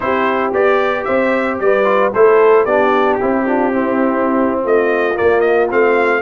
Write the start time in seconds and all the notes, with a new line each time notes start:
0.00 C4 E4 G4 C5
0.52 B3 G4 D5
1.04 C4 C5 E5
1.59 G3 B4 D5
1.84 F4
2.13 A3 E4 A4 C5
2.65 B3 D4 G4 D5
3.14 E4 G4
3.21 C4
3.46 D4 F4
3.72 C4 E4
4.62 A3 F4 D#5
5.14 A#3 D5
5.40 D#5
5.70 A3 C4 F5